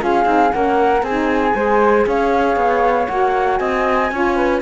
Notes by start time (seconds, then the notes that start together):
0.00 C#4 F4 G#4 F5
0.26 C4 D#4
0.51 A#3 C#4 A#4 F#5
1.03 C4 G#4 G#5
1.09 D#4
1.55 G#3 G#4 C5
2.07 C#4 C#5 F5
2.56 B3
3.08 A#3 F#4 F#5
3.57 C4 D#5 G#5
4.12 C#4 F4 C#5
4.37 B4